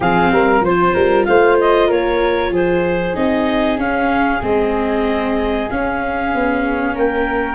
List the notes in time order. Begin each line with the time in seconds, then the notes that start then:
0.00 F3 C4 G#4 F5
0.31 G3 A#4
0.61 F3 F4 C5
0.67 C5
0.94 G3 A#4
1.24 A3 C5 F5
1.59 D#5
1.87 A#3 A#4 C#5
2.50 F3 G#4 C5
3.14 C4 D#4 D#5
3.77 C#4 F5
4.42 G#3 C4 D#5
5.70 C#4 F5
6.34 B3
6.93 A#3 A#4 G5